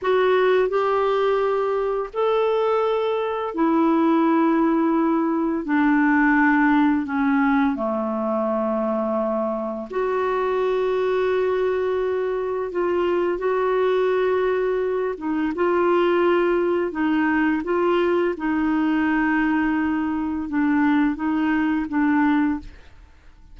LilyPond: \new Staff \with { instrumentName = "clarinet" } { \time 4/4 \tempo 4 = 85 fis'4 g'2 a'4~ | a'4 e'2. | d'2 cis'4 a4~ | a2 fis'2~ |
fis'2 f'4 fis'4~ | fis'4. dis'8 f'2 | dis'4 f'4 dis'2~ | dis'4 d'4 dis'4 d'4 | }